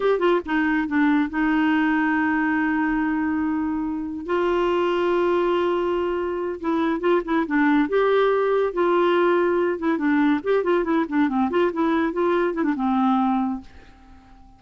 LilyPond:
\new Staff \with { instrumentName = "clarinet" } { \time 4/4 \tempo 4 = 141 g'8 f'8 dis'4 d'4 dis'4~ | dis'1~ | dis'2 f'2~ | f'2.~ f'8 e'8~ |
e'8 f'8 e'8 d'4 g'4.~ | g'8 f'2~ f'8 e'8 d'8~ | d'8 g'8 f'8 e'8 d'8 c'8 f'8 e'8~ | e'8 f'4 e'16 d'16 c'2 | }